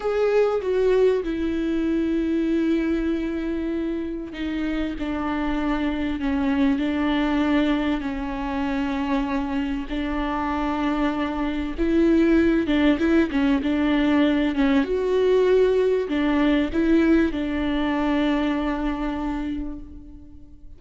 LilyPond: \new Staff \with { instrumentName = "viola" } { \time 4/4 \tempo 4 = 97 gis'4 fis'4 e'2~ | e'2. dis'4 | d'2 cis'4 d'4~ | d'4 cis'2. |
d'2. e'4~ | e'8 d'8 e'8 cis'8 d'4. cis'8 | fis'2 d'4 e'4 | d'1 | }